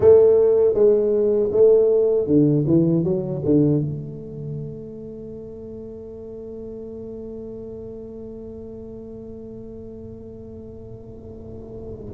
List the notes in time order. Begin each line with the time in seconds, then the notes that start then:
0.00 A3
0.74 G#3
1.51 A3
2.26 D3
2.67 E3
3.03 F#3
3.44 D3
3.80 A3